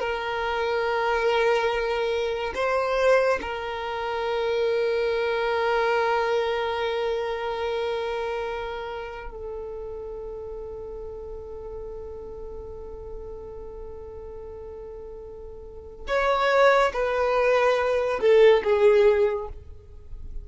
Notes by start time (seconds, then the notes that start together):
0.00 A#4
2.55 C5
3.42 A#4
9.31 A4
16.08 C#5
16.94 B4
18.21 A4
18.64 G#4